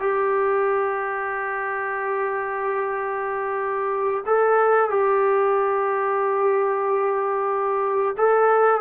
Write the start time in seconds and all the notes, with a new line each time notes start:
0.00 G4
4.27 A4
4.90 G4
8.18 A4